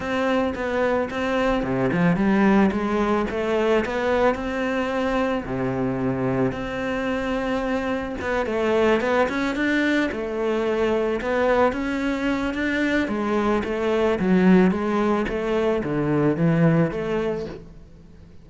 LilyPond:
\new Staff \with { instrumentName = "cello" } { \time 4/4 \tempo 4 = 110 c'4 b4 c'4 c8 f8 | g4 gis4 a4 b4 | c'2 c2 | c'2. b8 a8~ |
a8 b8 cis'8 d'4 a4.~ | a8 b4 cis'4. d'4 | gis4 a4 fis4 gis4 | a4 d4 e4 a4 | }